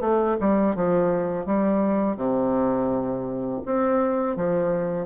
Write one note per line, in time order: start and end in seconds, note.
0.00 0.36 A3
0.40 0.75 G3
0.75 1.46 F3
1.46 2.16 G3
2.16 3.61 C3
3.65 4.36 C4
4.36 5.06 F3